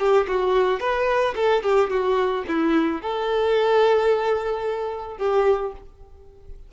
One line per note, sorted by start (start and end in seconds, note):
0.00 0.27 G4
0.28 0.80 F#4
0.80 1.35 B4
1.36 1.63 A4
1.63 1.90 G4
1.90 2.45 F#4
2.48 3.02 E4
3.02 5.18 A4
5.18 5.73 G4